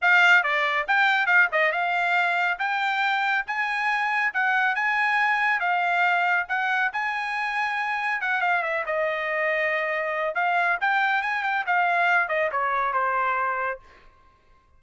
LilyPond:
\new Staff \with { instrumentName = "trumpet" } { \time 4/4 \tempo 4 = 139 f''4 d''4 g''4 f''8 dis''8 | f''2 g''2 | gis''2 fis''4 gis''4~ | gis''4 f''2 fis''4 |
gis''2. fis''8 f''8 | e''8 dis''2.~ dis''8 | f''4 g''4 gis''8 g''8 f''4~ | f''8 dis''8 cis''4 c''2 | }